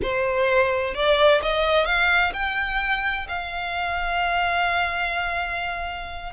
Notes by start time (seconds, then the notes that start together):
0.02 C5
0.94 D5
1.42 D#5
1.85 F5
2.33 G5
3.28 F5